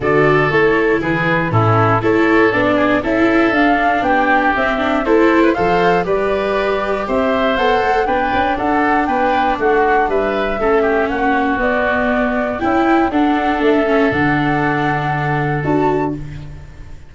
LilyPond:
<<
  \new Staff \with { instrumentName = "flute" } { \time 4/4 \tempo 4 = 119 d''4 cis''4 b'4 a'4 | cis''4 d''4 e''4 f''4 | g''4 e''4 c''4 f''4 | d''2 e''4 fis''4 |
g''4 fis''4 g''4 fis''4 | e''2 fis''4 d''4~ | d''4 g''4 fis''4 e''4 | fis''2. a''4 | }
  \new Staff \with { instrumentName = "oboe" } { \time 4/4 a'2 gis'4 e'4 | a'4. gis'8 a'2 | g'2 a'8. b'16 c''4 | b'2 c''2 |
b'4 a'4 b'4 fis'4 | b'4 a'8 g'8 fis'2~ | fis'4 e'4 a'2~ | a'1 | }
  \new Staff \with { instrumentName = "viola" } { \time 4/4 fis'4 e'2 cis'4 | e'4 d'4 e'4 d'4~ | d'4 c'8 d'8 e'4 a'4 | g'2. a'4 |
d'1~ | d'4 cis'2 b4~ | b4 e'4 d'4. cis'8 | d'2. fis'4 | }
  \new Staff \with { instrumentName = "tuba" } { \time 4/4 d4 a4 e4 a,4 | a4 b4 cis'4 d'4 | b4 c'4 a4 f4 | g2 c'4 b8 a8 |
b8 cis'8 d'4 b4 a4 | g4 a4 ais4 b4~ | b4 cis'4 d'4 a4 | d2. d'4 | }
>>